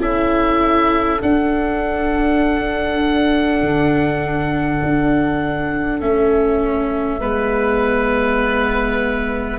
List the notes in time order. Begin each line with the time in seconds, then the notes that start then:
0.00 C#4 E4 A4 E5
1.22 D4 F#5
3.62 D3
4.83 D4
6.00 A3 C#4 E5
7.21 G#3 B3 B4